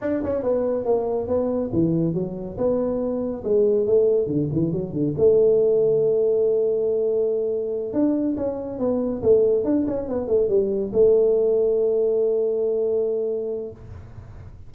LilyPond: \new Staff \with { instrumentName = "tuba" } { \time 4/4 \tempo 4 = 140 d'8 cis'8 b4 ais4 b4 | e4 fis4 b2 | gis4 a4 d8 e8 fis8 d8 | a1~ |
a2~ a8 d'4 cis'8~ | cis'8 b4 a4 d'8 cis'8 b8 | a8 g4 a2~ a8~ | a1 | }